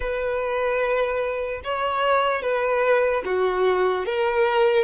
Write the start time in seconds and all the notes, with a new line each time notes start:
0.00 B4
1.64 C#5
2.41 B4
3.25 F#4
4.05 A#4